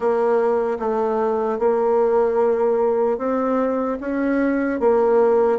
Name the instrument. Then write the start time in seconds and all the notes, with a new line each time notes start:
bassoon
0.00 A#3
0.79 A3
1.59 A#3
3.17 C4
4.00 C#4
4.80 A#3